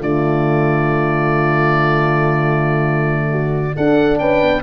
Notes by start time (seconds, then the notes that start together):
0.00 D3 A3 F4 D5
3.31 F#4
3.76 D4 A4 F#5
4.18 C#4 B4 G5
4.42 B3